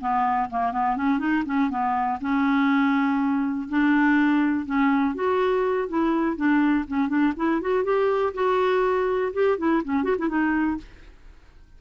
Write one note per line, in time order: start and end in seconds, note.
0.00 0.49 B3
0.50 0.72 A#3
0.72 0.96 B3
0.96 1.18 C#4
1.18 1.43 D#4
1.45 1.69 C#4
1.69 2.19 B3
2.20 3.68 C#4
3.68 4.65 D4
4.65 5.14 C#4
5.14 5.88 F#4
5.88 6.36 E4
6.36 6.85 D4
6.87 7.08 C#4
7.08 7.33 D4
7.36 7.61 E4
7.61 7.84 F#4
7.84 8.33 G4
8.34 9.32 F#4
9.33 9.57 G4
9.57 9.82 E4
9.84 10.03 C#4
10.03 10.16 F#4
10.18 10.28 E4
10.28 10.77 D#4